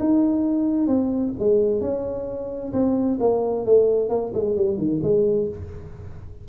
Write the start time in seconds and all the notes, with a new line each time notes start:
0.00 D#4
0.87 C4
1.40 G#3
1.81 C#4
2.73 C4
3.20 A#3
3.66 A3
4.10 A#3
4.34 G#3
4.57 G3
4.78 D#3
5.03 G#3